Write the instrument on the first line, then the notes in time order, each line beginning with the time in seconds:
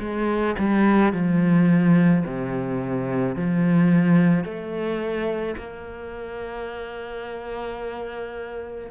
cello
0.00 G#3
0.59 G3
1.13 F3
2.25 C3
3.36 F3
4.44 A3
5.58 A#3